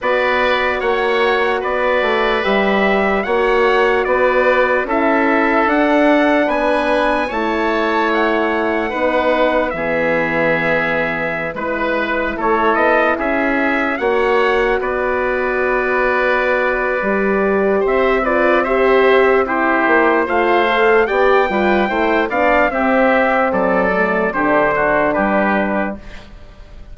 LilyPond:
<<
  \new Staff \with { instrumentName = "trumpet" } { \time 4/4 \tempo 4 = 74 d''4 fis''4 d''4 e''4 | fis''4 d''4 e''4 fis''4 | gis''4 a''4 fis''2 | e''2~ e''16 b'4 cis''8 dis''16~ |
dis''16 e''4 fis''4 d''4.~ d''16~ | d''2 e''8 d''8 e''4 | c''4 f''4 g''4. f''8 | e''4 d''4 c''4 b'4 | }
  \new Staff \with { instrumentName = "oboe" } { \time 4/4 b'4 cis''4 b'2 | cis''4 b'4 a'2 | b'4 cis''2 b'4 | gis'2~ gis'16 b'4 a'8.~ |
a'16 gis'4 cis''4 b'4.~ b'16~ | b'2 c''8 b'8 c''4 | g'4 c''4 d''8 b'8 c''8 d''8 | g'4 a'4 g'8 fis'8 g'4 | }
  \new Staff \with { instrumentName = "horn" } { \time 4/4 fis'2. g'4 | fis'2 e'4 d'4~ | d'4 e'2 dis'4 | b2~ b16 e'4.~ e'16~ |
e'4~ e'16 fis'2~ fis'8.~ | fis'4 g'4. f'8 g'4 | e'4 f'8 a'8 g'8 f'8 e'8 d'8 | c'4. a8 d'2 | }
  \new Staff \with { instrumentName = "bassoon" } { \time 4/4 b4 ais4 b8 a8 g4 | ais4 b4 cis'4 d'4 | b4 a2 b4 | e2~ e16 gis4 a8 b16~ |
b16 cis'4 ais4 b4.~ b16~ | b4 g4 c'2~ | c'8 ais8 a4 b8 g8 a8 b8 | c'4 fis4 d4 g4 | }
>>